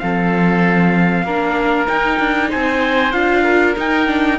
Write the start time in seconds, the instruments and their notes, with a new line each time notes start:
0.00 cello F3, viola C4, oboe A4, trumpet F5
1.24 cello A#3, viola D4, oboe A#4
1.88 viola D#4, cello D#4, trumpet G5
2.20 cello D4
2.50 cello C4, oboe C5, trumpet G#5
3.12 cello D4, viola F4, trumpet F5
3.44 oboe A#4
3.77 viola D#4, cello D#4, trumpet G5
4.07 viola D4